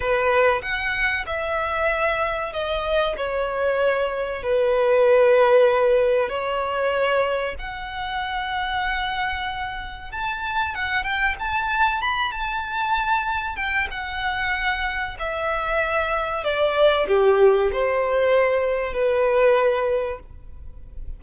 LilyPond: \new Staff \with { instrumentName = "violin" } { \time 4/4 \tempo 4 = 95 b'4 fis''4 e''2 | dis''4 cis''2 b'4~ | b'2 cis''2 | fis''1 |
a''4 fis''8 g''8 a''4 b''8 a''8~ | a''4. g''8 fis''2 | e''2 d''4 g'4 | c''2 b'2 | }